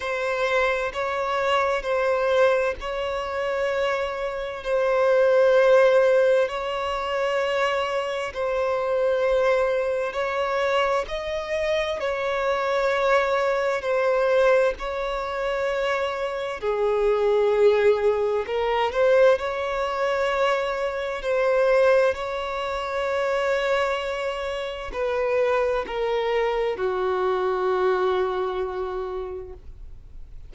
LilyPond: \new Staff \with { instrumentName = "violin" } { \time 4/4 \tempo 4 = 65 c''4 cis''4 c''4 cis''4~ | cis''4 c''2 cis''4~ | cis''4 c''2 cis''4 | dis''4 cis''2 c''4 |
cis''2 gis'2 | ais'8 c''8 cis''2 c''4 | cis''2. b'4 | ais'4 fis'2. | }